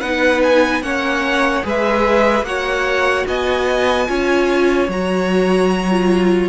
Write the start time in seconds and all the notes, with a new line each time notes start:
0.00 B3 D#4 B4 F#5
0.43 G#5
0.82 A#3 C#4 C#5 F#5
1.63 G#3 G#4 B4 E5
2.42 A#3 F#4 C#5 F#5
3.27 B3 D#5 G#5
4.07 C#4 F4 C#5
4.88 F#3 F#4 A#5
5.90 F4